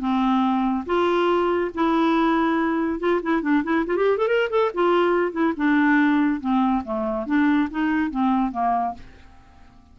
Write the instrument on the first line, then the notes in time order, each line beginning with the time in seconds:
clarinet
0.00 C4
0.86 F4
1.75 E4
3.00 F4
3.23 E4
3.43 D4
3.64 E4
3.87 F4
3.97 G4
4.18 A4
4.28 A#4
4.50 A4
4.74 F4
5.32 E4
5.57 D4
6.41 C4
6.85 A3
7.27 D4
7.71 D#4
8.11 C4
8.52 A#3